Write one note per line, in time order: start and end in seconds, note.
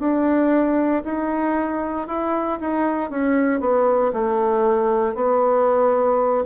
0.00 1.03 D4
1.04 2.07 D#4
2.07 2.59 E4
2.61 3.11 D#4
3.11 3.61 C#4
3.61 4.12 B3
4.13 5.15 A3
5.15 6.44 B3